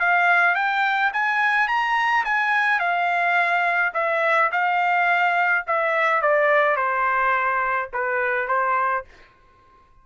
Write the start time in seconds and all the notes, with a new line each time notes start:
0.00 F5
0.55 G5
1.13 G#5
1.68 A#5
2.25 G#5
2.79 F5
3.94 E5
4.52 F5
5.67 E5
6.22 D5
6.76 C5
7.93 B4
8.48 C5